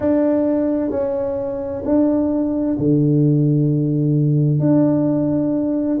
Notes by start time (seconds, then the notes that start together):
0.00 D4
0.90 C#4
1.84 D4
2.78 D3
4.59 D4